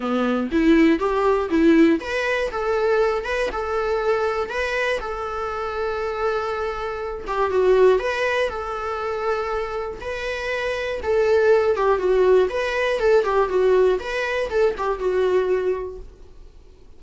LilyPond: \new Staff \with { instrumentName = "viola" } { \time 4/4 \tempo 4 = 120 b4 e'4 g'4 e'4 | b'4 a'4. b'8 a'4~ | a'4 b'4 a'2~ | a'2~ a'8 g'8 fis'4 |
b'4 a'2. | b'2 a'4. g'8 | fis'4 b'4 a'8 g'8 fis'4 | b'4 a'8 g'8 fis'2 | }